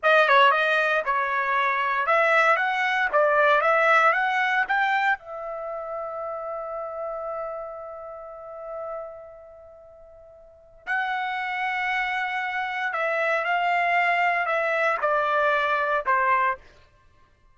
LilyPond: \new Staff \with { instrumentName = "trumpet" } { \time 4/4 \tempo 4 = 116 dis''8 cis''8 dis''4 cis''2 | e''4 fis''4 d''4 e''4 | fis''4 g''4 e''2~ | e''1~ |
e''1~ | e''4 fis''2.~ | fis''4 e''4 f''2 | e''4 d''2 c''4 | }